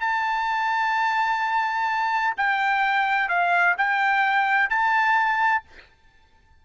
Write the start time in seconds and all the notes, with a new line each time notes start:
0.00 A5
2.37 G5
3.29 F5
3.78 G5
4.70 A5